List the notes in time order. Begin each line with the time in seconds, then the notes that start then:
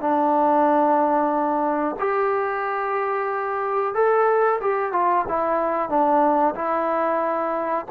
0.00 D4
1.99 G4
3.94 A4
4.61 G4
4.92 F4
5.28 E4
5.89 D4
6.55 E4